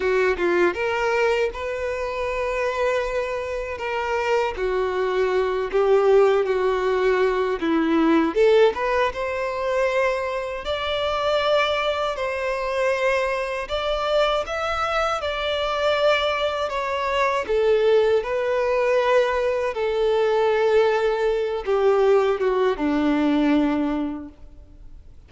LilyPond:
\new Staff \with { instrumentName = "violin" } { \time 4/4 \tempo 4 = 79 fis'8 f'8 ais'4 b'2~ | b'4 ais'4 fis'4. g'8~ | g'8 fis'4. e'4 a'8 b'8 | c''2 d''2 |
c''2 d''4 e''4 | d''2 cis''4 a'4 | b'2 a'2~ | a'8 g'4 fis'8 d'2 | }